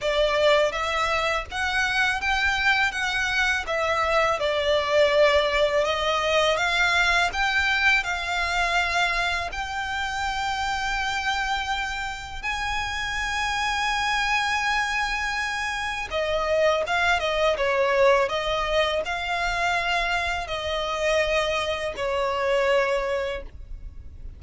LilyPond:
\new Staff \with { instrumentName = "violin" } { \time 4/4 \tempo 4 = 82 d''4 e''4 fis''4 g''4 | fis''4 e''4 d''2 | dis''4 f''4 g''4 f''4~ | f''4 g''2.~ |
g''4 gis''2.~ | gis''2 dis''4 f''8 dis''8 | cis''4 dis''4 f''2 | dis''2 cis''2 | }